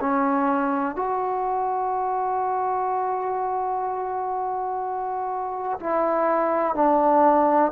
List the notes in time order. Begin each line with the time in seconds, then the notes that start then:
0.00 C#4
0.95 F#4
5.80 E4
6.75 D4